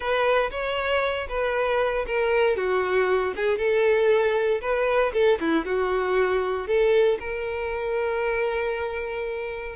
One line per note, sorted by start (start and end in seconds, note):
0.00 0.50 B4
0.50 1.27 C#5
1.28 2.05 B4
2.07 2.56 A#4
2.56 3.33 F#4
3.36 3.58 G#4
3.58 4.60 A4
4.61 5.12 B4
5.13 5.38 A4
5.40 5.65 E4
5.65 6.67 F#4
6.67 7.18 A4
7.19 9.75 A#4